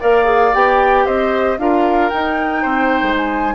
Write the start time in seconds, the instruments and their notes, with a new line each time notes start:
0.00 bassoon A#3, clarinet A#4, oboe D5, flute F5
0.25 clarinet G#4
0.54 bassoon B3, clarinet G4, flute G5
1.05 bassoon C4, oboe C5, flute D#5
1.58 bassoon D4, clarinet F4, oboe A#4, flute F5
2.09 clarinet D#4, bassoon D#4, flute G5
2.62 bassoon C4, oboe C5
3.03 bassoon G#3
3.17 flute G#5